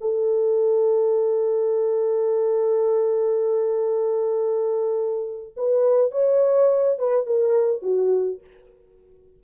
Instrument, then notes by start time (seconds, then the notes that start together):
horn
0.00 A4
5.56 B4
6.11 C#5
6.98 B4
7.26 A#4
7.82 F#4